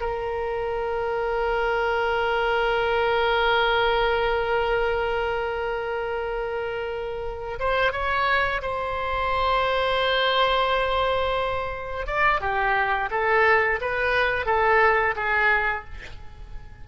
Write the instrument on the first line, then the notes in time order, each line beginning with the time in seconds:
oboe
0.00 A#4
7.59 C5
7.92 C#5
8.62 C5
12.06 D5
12.40 G4
13.11 A4
13.81 B4
14.46 A4
15.16 G#4